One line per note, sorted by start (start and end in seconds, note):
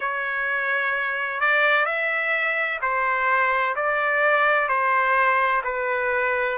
0.00 1.40 C#5
1.40 1.85 D5
1.85 2.79 E5
2.81 3.75 C5
3.75 4.68 D5
4.68 5.62 C5
5.64 6.58 B4